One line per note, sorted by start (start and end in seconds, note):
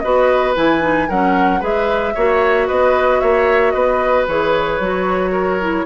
0.00 0.57 B3
0.00 0.55 F#4
0.00 1.09 B4
0.00 0.53 D#5
0.55 1.10 E3
0.55 0.80 E4
0.55 1.10 G#5
0.80 1.07 D#4
1.09 1.62 F#3
1.09 1.61 C#4
1.09 1.61 A#4
1.09 1.63 F#5
1.61 2.15 G#3
1.61 2.14 G#4
1.61 2.14 B4
1.61 2.68 E5
2.15 2.70 A#3
2.15 4.29 F#4
2.15 2.68 C#5
2.68 3.22 B3
2.68 3.21 B4
2.68 3.20 D#5
3.20 3.75 A#3
3.20 3.74 C#5
3.20 3.71 E5
3.71 4.27 B3
3.71 5.32 B4
3.71 4.24 D#5
4.27 4.80 E3
4.27 4.82 G#4
4.27 5.86 C#5
4.80 5.86 F#3
4.80 5.61 F#4
5.32 5.85 A#4
5.61 5.86 E4